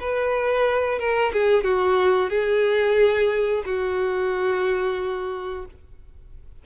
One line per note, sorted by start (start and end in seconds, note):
0.00 0.99 B4
0.99 1.32 A#4
1.33 1.64 G#4
1.64 2.30 F#4
2.30 3.63 G#4
3.65 5.65 F#4